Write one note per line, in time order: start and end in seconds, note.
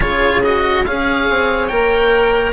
0.00 0.85 C#3
0.00 0.42 F4
0.00 0.83 G#4
0.00 0.42 C#5
0.43 0.86 F#4
0.43 0.85 D#5
0.85 1.28 C#4
0.85 1.69 G#4
0.85 2.53 C#5
0.85 1.67 F5
1.29 1.70 C4
1.67 2.53 A#3
1.67 2.53 A#4
1.67 2.52 G5